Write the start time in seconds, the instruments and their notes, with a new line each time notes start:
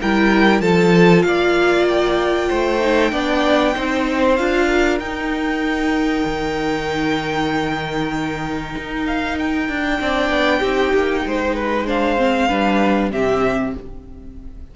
0.00 cello G3, viola E4, violin A#4 G5
0.60 cello F3, viola F4, violin A4 A5
1.22 cello A#3, violin D5 F5
1.88 violin G5
2.49 cello A3, violin C5
2.80 viola D#4
3.11 cello B3, viola D4, violin D5
3.75 cello C4, viola D#4, violin C5
4.36 cello D4, viola F4, violin F5
4.67 violin A#4
4.99 cello D#4, viola D#4, violin G5
6.24 cello D#3
8.77 cello D#4
9.06 violin F5
9.38 violin G5
9.68 cello D4
9.99 cello C4, viola D4, violin D5
10.29 cello B3
10.59 cello C4, viola D#4, violin G4
10.93 cello A#3
11.25 cello G#3, violin C5
11.55 violin B4
11.86 viola D4, violin C5 F5
12.17 viola C4
12.48 cello G3, viola D4, violin B4
13.11 cello C3, viola C4, violin G4 E5